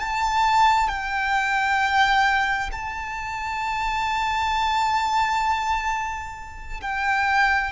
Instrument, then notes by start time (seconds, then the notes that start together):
violin
0.00 A5
0.89 G5
2.72 A5
6.82 G5